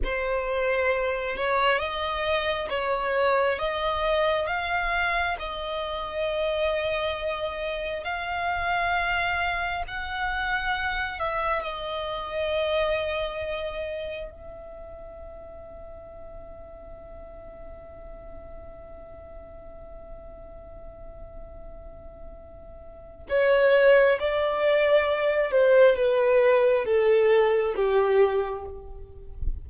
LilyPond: \new Staff \with { instrumentName = "violin" } { \time 4/4 \tempo 4 = 67 c''4. cis''8 dis''4 cis''4 | dis''4 f''4 dis''2~ | dis''4 f''2 fis''4~ | fis''8 e''8 dis''2. |
e''1~ | e''1~ | e''2 cis''4 d''4~ | d''8 c''8 b'4 a'4 g'4 | }